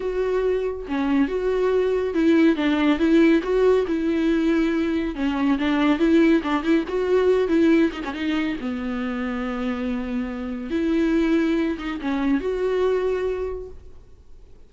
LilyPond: \new Staff \with { instrumentName = "viola" } { \time 4/4 \tempo 4 = 140 fis'2 cis'4 fis'4~ | fis'4 e'4 d'4 e'4 | fis'4 e'2. | cis'4 d'4 e'4 d'8 e'8 |
fis'4. e'4 dis'16 cis'16 dis'4 | b1~ | b4 e'2~ e'8 dis'8 | cis'4 fis'2. | }